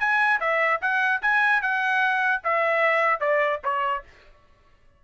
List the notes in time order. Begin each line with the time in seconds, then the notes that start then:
0.00 G#5
0.41 E5
0.82 F#5
1.22 G#5
1.62 F#5
2.44 E5
3.21 D5
3.64 C#5